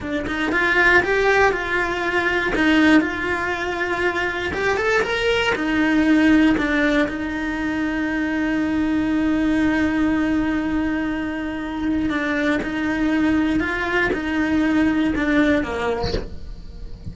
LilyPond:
\new Staff \with { instrumentName = "cello" } { \time 4/4 \tempo 4 = 119 d'8 dis'8 f'4 g'4 f'4~ | f'4 dis'4 f'2~ | f'4 g'8 a'8 ais'4 dis'4~ | dis'4 d'4 dis'2~ |
dis'1~ | dis'1 | d'4 dis'2 f'4 | dis'2 d'4 ais4 | }